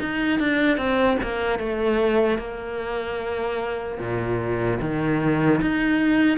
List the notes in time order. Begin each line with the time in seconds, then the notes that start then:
0.00 D#4
0.40 D4
0.78 C4
1.23 A#3
1.59 A3
2.38 A#3
4.00 A#2
4.81 D#3
5.61 D#4